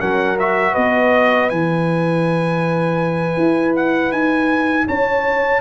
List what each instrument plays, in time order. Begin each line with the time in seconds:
0.00 tuba F#3, trombone C#4, horn A#4, trumpet F#5
0.39 trombone F#4, trumpet E5
0.73 tuba B3, horn B4, trumpet D#5
1.50 tuba E3, trombone E4, trumpet G#5
3.37 tuba E4
3.76 trumpet F#5
4.12 tuba D#4, trumpet G#5
4.87 tuba C#4, horn C#5, trumpet A5